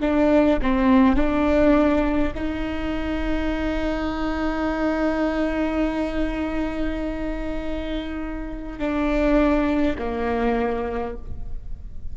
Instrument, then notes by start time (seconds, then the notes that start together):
viola
0.00 D4
0.62 C4
1.16 D4
2.35 D#4
8.79 D4
9.98 A#3